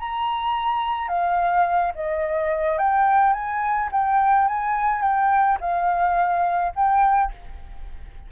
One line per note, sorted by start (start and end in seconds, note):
0.00 1.08 A#5
1.08 1.92 F5
1.95 2.79 D#5
2.79 3.33 G5
3.33 3.89 G#5
3.92 4.48 G5
4.48 5.02 G#5
5.02 5.58 G5
5.61 6.73 F5
6.75 7.32 G5